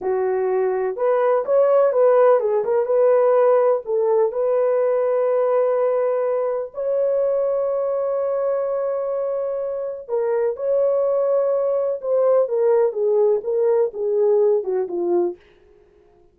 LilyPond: \new Staff \with { instrumentName = "horn" } { \time 4/4 \tempo 4 = 125 fis'2 b'4 cis''4 | b'4 gis'8 ais'8 b'2 | a'4 b'2.~ | b'2 cis''2~ |
cis''1~ | cis''4 ais'4 cis''2~ | cis''4 c''4 ais'4 gis'4 | ais'4 gis'4. fis'8 f'4 | }